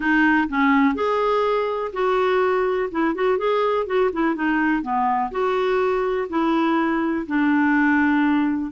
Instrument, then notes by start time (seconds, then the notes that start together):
clarinet
0.00 D#4
0.48 C#4
0.95 G#4
1.92 F#4
2.91 E4
3.14 F#4
3.38 G#4
3.86 F#4
4.13 E4
4.35 D#4
4.82 B3
5.31 F#4
6.29 E4
7.26 D4